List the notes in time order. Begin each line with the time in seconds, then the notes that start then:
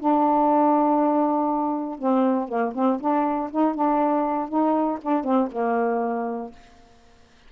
0.00 D4
1.99 C4
2.49 A#3
2.75 C4
3.01 D4
3.52 D#4
3.75 D4
4.49 D#4
5.02 D4
5.24 C4
5.52 A#3